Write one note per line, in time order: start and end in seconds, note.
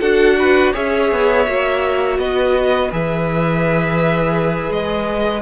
0.00 0.74 D4
0.00 0.74 F#4
0.00 0.37 A4
0.00 0.72 F#5
0.39 0.74 B4
0.74 1.12 C#4
0.74 1.46 G#4
0.74 2.19 C#5
0.74 2.19 E5
1.12 1.48 B3
1.47 2.19 A#3
1.47 2.91 F#4
2.19 2.91 B3
2.19 5.42 B4
2.19 2.91 D#5
2.92 4.70 E3
2.92 5.42 G#4
2.92 4.73 E5
4.70 5.42 G#3
4.70 5.42 D#5